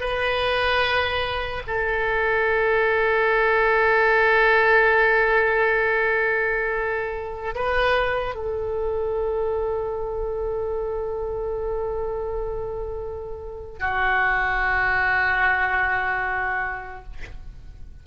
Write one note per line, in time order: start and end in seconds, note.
0.00 1.62 B4
1.67 7.55 A4
7.55 8.35 B4
8.35 13.79 A4
13.79 17.04 F#4